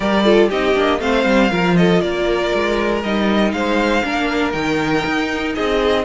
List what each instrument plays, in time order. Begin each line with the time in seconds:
0.00 cello G3, viola G4, violin A#4 D5
0.24 viola F4, violin A4
0.48 cello C4, viola D#4, violin G4 D#5
0.74 cello A#3, viola D4
1.00 cello A3, viola C4, violin C5 F5
1.25 cello G3
1.49 cello F3, viola F4, violin A#4
1.76 violin A4 D#5
2.00 cello A#3, violin A#4 D5
2.54 cello G#3
3.03 cello G3, viola D#4, violin D#5
3.52 cello G#3, violin C5 F5
4.03 cello A#3, viola D4, violin A#4
4.52 cello D#3, viola D#4, violin G5
5.05 cello D#4
5.54 cello C4, violin G#4 D#5